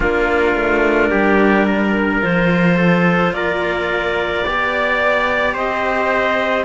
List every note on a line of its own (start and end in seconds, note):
0.00 0.55 A#3
0.00 2.21 D4
0.00 1.10 F4
0.00 2.23 A#4
0.55 1.10 A3
1.10 2.22 G3
1.10 1.66 G4
1.66 2.77 A#4
2.21 3.33 F3
2.21 4.44 F4
2.21 3.33 C5
2.77 3.33 A4
3.33 4.44 A#3
3.33 4.45 A#4
3.33 5.55 D5
4.44 5.55 B3
4.44 6.64 G4
4.44 5.53 D5
5.53 6.64 C4
5.53 6.64 C5
5.53 6.64 D#5